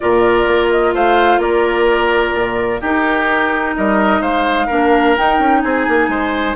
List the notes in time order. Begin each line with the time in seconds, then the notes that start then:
0.00 A#2 F4 A#4 D5
0.47 A#3
0.70 D#5
0.94 A3 C5 F5
1.38 A#3 A#4 D5
2.34 A#2
2.80 D#4 G4 A#4
3.76 G3 A#4 D#5
4.20 G#3 C5 F5
4.66 A#3 D4 A#4
5.16 D#4 G5
5.39 C#4
5.61 C4 G#4 G#5
5.88 A#3
6.08 G#3 C5